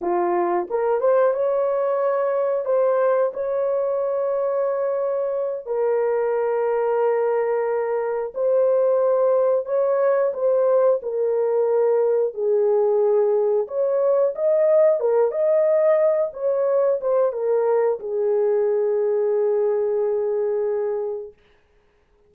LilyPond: \new Staff \with { instrumentName = "horn" } { \time 4/4 \tempo 4 = 90 f'4 ais'8 c''8 cis''2 | c''4 cis''2.~ | cis''8 ais'2.~ ais'8~ | ais'8 c''2 cis''4 c''8~ |
c''8 ais'2 gis'4.~ | gis'8 cis''4 dis''4 ais'8 dis''4~ | dis''8 cis''4 c''8 ais'4 gis'4~ | gis'1 | }